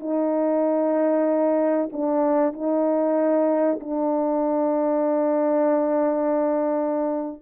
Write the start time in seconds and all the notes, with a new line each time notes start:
0.00 D#4
1.92 D4
2.53 D#4
3.80 D4